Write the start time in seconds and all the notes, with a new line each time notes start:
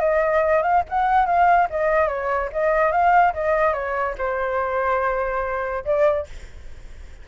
0.00 D#5
0.63 F5
0.89 F#5
1.26 F5
1.70 D#5
2.08 C#5
2.53 D#5
2.92 F5
3.34 D#5
3.73 C#5
4.18 C5
5.85 D5